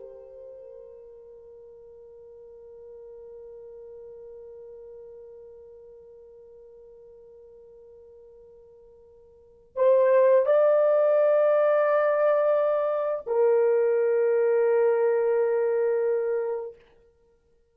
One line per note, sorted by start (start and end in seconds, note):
0.00 9.76 A#4
9.76 10.46 C5
10.46 13.25 D5
13.27 16.75 A#4